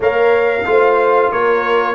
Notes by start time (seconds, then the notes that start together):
0.00 A#3 A#4 C#5 F5
0.65 A3 F4 C5
1.30 A#3 A#4 C#5